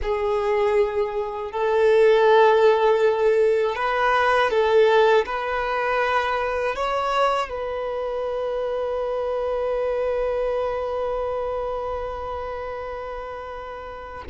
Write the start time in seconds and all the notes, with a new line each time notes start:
0.02 G#4
1.51 A4
3.75 B4
4.50 A4
5.25 B4
6.75 C#5
7.49 B4